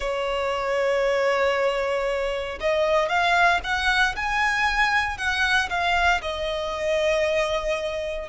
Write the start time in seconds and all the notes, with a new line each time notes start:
0.00 C#5
2.60 D#5
3.08 F5
3.63 F#5
4.16 G#5
5.17 F#5
5.69 F5
6.21 D#5